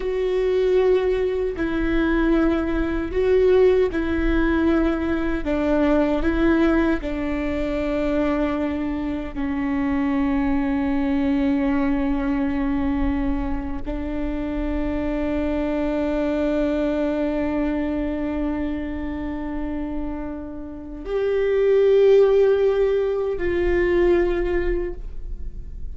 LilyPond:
\new Staff \with { instrumentName = "viola" } { \time 4/4 \tempo 4 = 77 fis'2 e'2 | fis'4 e'2 d'4 | e'4 d'2. | cis'1~ |
cis'4.~ cis'16 d'2~ d'16~ | d'1~ | d'2. g'4~ | g'2 f'2 | }